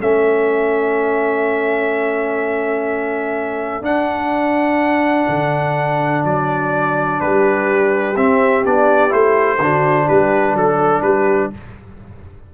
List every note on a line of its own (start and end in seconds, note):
0.00 3.81 A3
0.00 3.83 C#4
0.00 7.20 A4
0.00 3.85 E5
3.81 5.25 D4
3.81 8.15 D4
3.81 6.25 F#5
5.29 6.25 D3
6.25 7.21 F#3
6.25 7.20 D5
7.20 8.17 G3
7.20 9.61 G4
7.20 8.16 B4
8.17 8.65 C4
8.17 8.65 E5
8.65 9.13 B3
8.65 9.09 D4
8.65 9.12 D5
9.09 9.59 A3
9.09 9.57 E4
9.09 10.08 C5
9.59 10.07 D3
9.59 11.54 D4
9.59 10.07 F#4
10.07 10.54 G3
10.07 10.55 G4
10.07 10.56 B4
10.54 11.02 F#3
10.54 11.03 A4
10.54 11.02 A4
11.02 11.50 G3
11.02 11.53 G4
11.02 11.50 B4